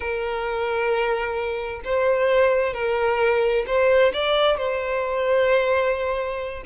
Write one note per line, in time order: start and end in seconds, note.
0.00 1.81 A#4
1.84 2.73 C5
2.73 3.65 A#4
3.66 4.12 C5
4.13 4.57 D5
4.57 6.63 C5